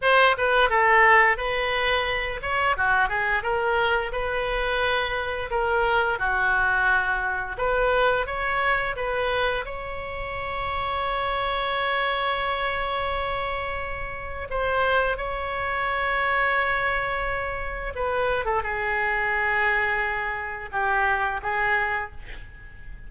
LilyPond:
\new Staff \with { instrumentName = "oboe" } { \time 4/4 \tempo 4 = 87 c''8 b'8 a'4 b'4. cis''8 | fis'8 gis'8 ais'4 b'2 | ais'4 fis'2 b'4 | cis''4 b'4 cis''2~ |
cis''1~ | cis''4 c''4 cis''2~ | cis''2 b'8. a'16 gis'4~ | gis'2 g'4 gis'4 | }